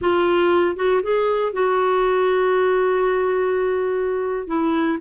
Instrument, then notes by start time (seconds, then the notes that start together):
clarinet
0.01 F4
0.76 F#4
1.03 G#4
1.52 F#4
4.47 E4